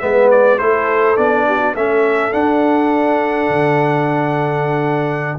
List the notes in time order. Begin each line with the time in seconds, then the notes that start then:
0.00 G#3 B3 B4 E5
0.31 D5
0.59 A3 E4 A4 C5
1.17 B3 D4 D5
1.48 G4
1.59 F#4
1.75 A3 C#4 A4 E5
2.33 D4 F#5
3.49 D3